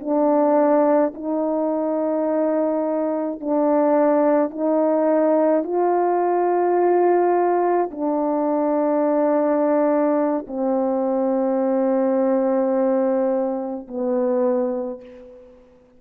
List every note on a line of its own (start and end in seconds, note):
0.00 1.13 D4
1.14 3.41 D#4
3.41 4.50 D4
4.50 5.63 D#4
5.63 7.90 F4
7.91 10.46 D4
10.47 13.87 C4
13.88 15.01 B3